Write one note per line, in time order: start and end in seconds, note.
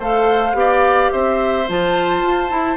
0.00 0.54 A3
0.00 0.54 A4
0.00 0.56 C5
0.00 1.12 F5
0.54 1.10 B3
0.54 1.66 G4
0.54 1.12 D5
1.12 1.69 C4
1.12 2.77 C5
1.12 1.68 E5
1.68 2.23 F3
1.68 2.49 F4
1.68 2.77 A5
2.23 2.51 F4
2.49 2.77 E4